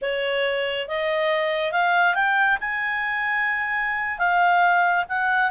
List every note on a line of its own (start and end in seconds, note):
0.01 0.88 C#5
0.88 1.72 D#5
1.72 2.14 F5
2.14 2.58 G5
2.60 4.18 G#5
4.18 5.04 F5
5.08 5.50 F#5